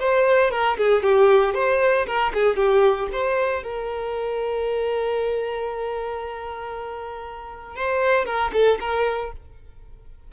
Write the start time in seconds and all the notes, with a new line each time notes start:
0.00 C5
0.51 A#4
0.78 G#4
1.03 G4
1.55 C5
2.07 A#4
2.34 G#4
2.56 G4
3.12 C5
3.63 A#4
7.76 C5
8.25 A#4
8.53 A4
8.80 A#4